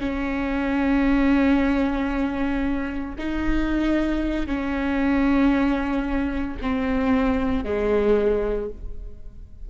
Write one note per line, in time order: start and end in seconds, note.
0.00 3.16 C#4
3.19 4.47 D#4
4.47 6.57 C#4
6.62 7.65 C4
7.65 8.70 G#3